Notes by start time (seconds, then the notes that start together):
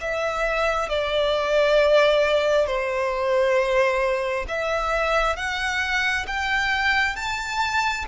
0.00 E5
0.89 D5
2.66 C5
4.48 E5
5.36 F#5
6.27 G5
7.16 A5